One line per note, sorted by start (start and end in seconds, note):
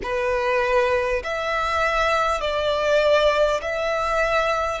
0.02 1.22 B4
1.23 2.40 E5
2.40 3.60 D5
3.61 4.80 E5